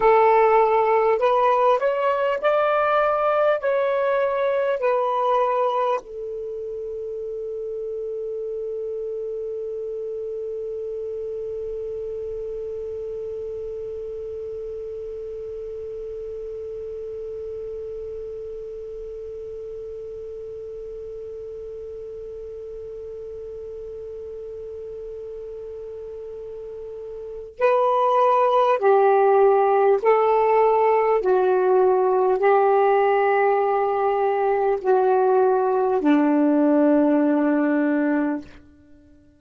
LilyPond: \new Staff \with { instrumentName = "saxophone" } { \time 4/4 \tempo 4 = 50 a'4 b'8 cis''8 d''4 cis''4 | b'4 a'2.~ | a'1~ | a'1~ |
a'1~ | a'2. b'4 | g'4 a'4 fis'4 g'4~ | g'4 fis'4 d'2 | }